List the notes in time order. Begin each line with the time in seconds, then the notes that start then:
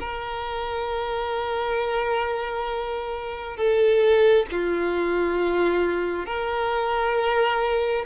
0.00 A#4
3.57 A4
4.51 F4
6.26 A#4